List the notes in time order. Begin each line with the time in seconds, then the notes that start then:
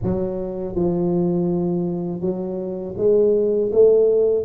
0.03 F#3
0.75 F3
2.21 F#3
2.97 G#3
3.72 A3